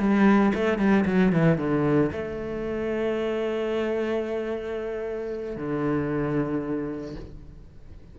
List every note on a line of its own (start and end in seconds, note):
0.00 0.53 G3
0.55 0.78 A3
0.78 1.05 G3
1.06 1.33 F#3
1.33 1.58 E3
1.58 2.11 D3
2.13 5.57 A3
5.57 7.16 D3